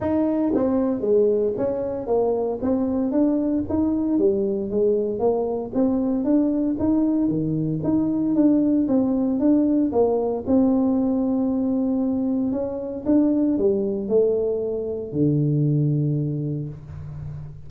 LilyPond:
\new Staff \with { instrumentName = "tuba" } { \time 4/4 \tempo 4 = 115 dis'4 c'4 gis4 cis'4 | ais4 c'4 d'4 dis'4 | g4 gis4 ais4 c'4 | d'4 dis'4 dis4 dis'4 |
d'4 c'4 d'4 ais4 | c'1 | cis'4 d'4 g4 a4~ | a4 d2. | }